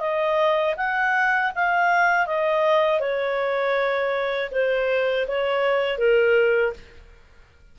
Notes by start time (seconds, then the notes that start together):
0.00 D#5
0.77 F#5
1.55 F5
2.27 D#5
3.00 C#5
4.52 C5
5.28 C#5
5.98 A#4